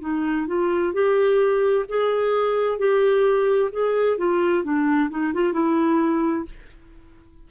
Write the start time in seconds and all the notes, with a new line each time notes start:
0.00 D#4
0.47 F4
0.93 G4
1.88 G#4
2.78 G4
3.71 G#4
4.17 F4
4.63 D4
5.10 D#4
5.33 F4
5.53 E4